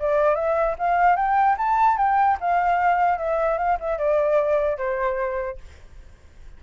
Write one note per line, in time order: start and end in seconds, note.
0.00 0.36 D5
0.36 0.76 E5
0.79 1.16 F5
1.16 1.57 G5
1.58 1.98 A5
1.98 2.38 G5
2.41 3.18 F5
3.18 3.58 E5
3.58 3.78 F5
3.80 3.98 E5
3.98 4.78 D5
4.78 5.58 C5